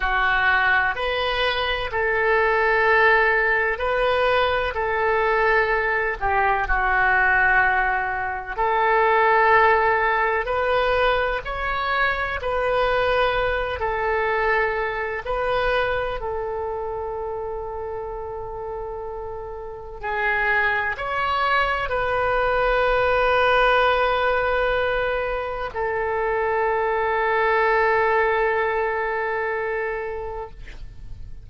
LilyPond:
\new Staff \with { instrumentName = "oboe" } { \time 4/4 \tempo 4 = 63 fis'4 b'4 a'2 | b'4 a'4. g'8 fis'4~ | fis'4 a'2 b'4 | cis''4 b'4. a'4. |
b'4 a'2.~ | a'4 gis'4 cis''4 b'4~ | b'2. a'4~ | a'1 | }